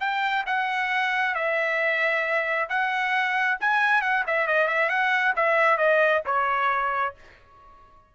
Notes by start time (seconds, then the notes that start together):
0.00 G5
0.46 F#5
1.35 E5
2.69 F#5
3.60 G#5
4.01 F#5
4.26 E5
4.47 D#5
4.67 E5
4.89 F#5
5.36 E5
5.77 D#5
6.26 C#5